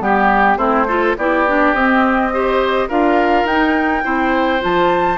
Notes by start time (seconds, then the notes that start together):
0.00 G3 B3 G4
0.57 A3 C4 E4 C5
0.87 F4 A4
1.17 B3 E4 G4 D5
1.47 D4
1.73 C4 D#5
2.33 G4 C5
2.88 D4 F4 A#4 F5
3.44 D#4 G5
4.03 C4 E4 C5
4.60 F3 F4 A5